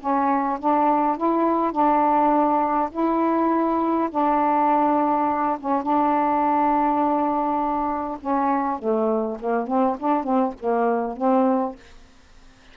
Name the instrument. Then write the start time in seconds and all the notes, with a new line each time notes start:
saxophone
0.00 C#4
0.60 D4
1.17 E4
1.72 D4
2.92 E4
4.11 D4
5.60 C#4
5.83 D4
8.21 C#4
8.79 A3
9.40 A#3
9.67 C4
9.99 D4
10.24 C4
10.60 A#3
11.17 C4